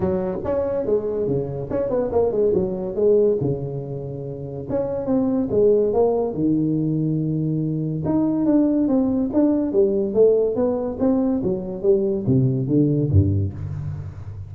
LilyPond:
\new Staff \with { instrumentName = "tuba" } { \time 4/4 \tempo 4 = 142 fis4 cis'4 gis4 cis4 | cis'8 b8 ais8 gis8 fis4 gis4 | cis2. cis'4 | c'4 gis4 ais4 dis4~ |
dis2. dis'4 | d'4 c'4 d'4 g4 | a4 b4 c'4 fis4 | g4 c4 d4 g,4 | }